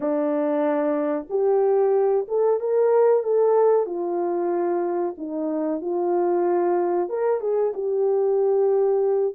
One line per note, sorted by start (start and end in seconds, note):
0.00 1.26 D4
1.29 2.26 G4
2.28 2.60 A4
2.60 3.23 A#4
3.23 3.86 A4
3.86 5.15 F4
5.17 5.81 D#4
5.81 7.09 F4
7.09 7.40 A#4
7.40 7.72 G#4
7.74 9.35 G4